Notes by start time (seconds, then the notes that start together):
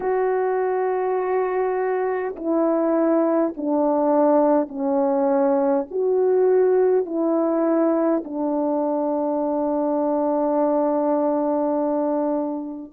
0.00 F#4
2.35 E4
3.56 D4
4.68 C#4
5.90 F#4
7.05 E4
8.24 D4